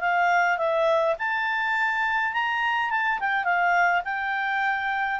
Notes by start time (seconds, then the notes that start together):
0.00 F5
0.57 E5
1.18 A5
2.33 A#5
2.90 A5
3.20 G5
3.44 F5
4.04 G5